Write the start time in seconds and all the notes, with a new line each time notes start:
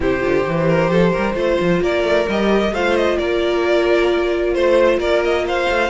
0.00 C3 E4 G4 C5
0.20 D3 F4
0.46 E3 G4
0.68 A#4
0.89 F3 A4
1.12 G3 A#4
1.34 A3 F4 C5
1.60 F3
1.81 A#3 A#4 D5
2.03 A3
2.28 G3 G4 D#5
2.71 A3 F4 C5 F5
2.96 D#5
3.18 A#3 A#4 D5
4.54 A3 C5
4.98 A#3 A#4 D5
5.24 D#5
5.46 C5 F5
5.69 A3